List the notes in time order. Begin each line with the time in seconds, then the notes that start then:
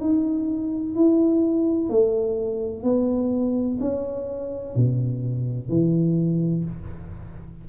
0.00 D#4
0.95 E4
1.89 A3
2.83 B3
3.80 C#4
4.75 B2
5.69 E3